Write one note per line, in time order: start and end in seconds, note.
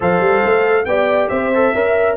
0.00 0.20 F3
0.00 0.85 A4
0.00 0.86 C5
0.00 0.85 F5
0.20 0.42 G3
0.44 0.85 A3
0.85 1.29 B3
0.85 1.53 G4
0.85 1.30 D5
0.85 1.28 G5
1.28 1.73 C4
1.28 1.74 C5
1.28 2.15 E5
1.54 1.75 A4
1.74 2.16 C#4
1.74 2.16 A#4
1.74 2.16 E5